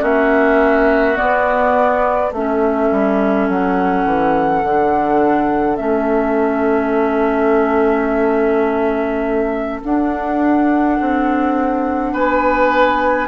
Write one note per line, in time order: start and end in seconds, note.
0.00 1.17 A#3
0.00 1.15 C#4
0.00 2.30 F#4
0.00 1.17 E5
1.15 2.30 B3
1.15 2.32 B3
1.15 2.32 D5
2.30 2.90 A3
2.30 12.10 A4
2.30 3.48 E5
2.36 4.65 C#4
2.91 3.49 G3
3.48 4.05 F#3
3.48 5.76 F#5
4.05 4.62 E3
4.63 5.79 D3
4.63 5.77 D4
5.76 9.83 A3
5.76 9.81 C#4
5.76 9.80 E5
9.83 10.99 D4
9.83 13.28 D4
9.83 12.13 F#5
11.00 12.13 C4
12.13 13.28 B3
12.13 13.28 B4
12.13 13.28 G#5